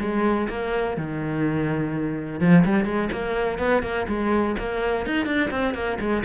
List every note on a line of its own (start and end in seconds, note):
0.00 0.48 G#3
0.49 0.96 A#3
0.96 2.40 D#3
2.40 2.64 F3
2.65 2.85 G3
2.85 3.09 G#3
3.12 3.58 A#3
3.58 3.82 B3
3.82 4.06 A#3
4.07 4.55 G#3
4.58 5.06 A#3
5.06 5.26 D#4
5.26 5.50 D4
5.50 5.74 C4
5.74 5.98 A#3
5.99 6.23 G#3